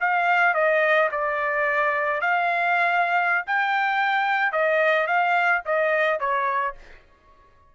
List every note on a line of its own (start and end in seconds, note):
0.00 0.54 F5
0.54 1.09 D#5
1.11 2.21 D5
2.21 3.45 F5
3.46 4.52 G5
4.52 5.07 D#5
5.07 5.62 F5
5.65 6.20 D#5
6.20 6.75 C#5